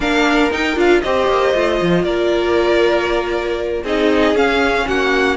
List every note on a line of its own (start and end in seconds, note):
0.00 0.50 A#3
0.00 0.51 D4
0.00 1.02 A#4
0.00 0.52 F5
0.51 0.75 D#4
0.51 0.76 D#4
0.51 0.78 G5
0.75 1.01 D4
0.75 1.01 F4
0.75 1.01 F5
1.01 1.28 C4
1.01 1.54 G4
1.01 2.05 C5
1.01 2.04 D#5
1.28 1.53 A#3
1.54 1.80 A3
1.54 3.85 F4
1.81 2.03 F3
2.03 3.83 A#3
2.03 3.83 A#4
2.03 3.83 D5
3.83 4.34 C4
3.83 4.35 D#4
3.83 4.85 G#4
3.83 4.36 D#5
4.34 4.85 C#4
4.34 5.36 C#4
4.34 4.87 F5
4.87 5.36 A#3
4.87 5.36 F#4
4.87 5.36 F#5